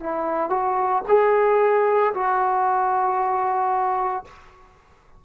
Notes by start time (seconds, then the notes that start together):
0.00 E4
0.50 F#4
1.08 G#4
2.14 F#4